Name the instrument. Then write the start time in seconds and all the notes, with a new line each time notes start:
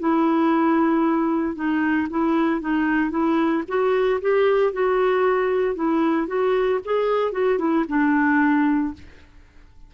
clarinet
0.00 E4
1.56 D#4
2.10 E4
2.61 D#4
3.11 E4
3.68 F#4
4.22 G4
4.73 F#4
5.76 E4
6.28 F#4
6.85 G#4
7.33 F#4
7.59 E4
7.89 D4